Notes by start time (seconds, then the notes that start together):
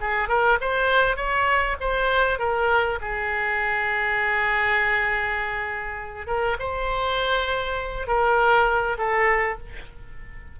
0.00 G#4
0.28 A#4
0.61 C5
1.16 C#5
1.80 C5
2.38 A#4
3.01 G#4
6.26 A#4
6.59 C5
8.07 A#4
8.98 A4